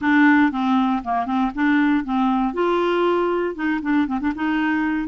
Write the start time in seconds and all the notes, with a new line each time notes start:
0.01 D4
0.51 C4
1.04 A#3
1.26 C4
1.54 D4
2.04 C4
2.53 F4
3.55 D#4
3.82 D4
4.07 C4
4.20 D4
4.35 D#4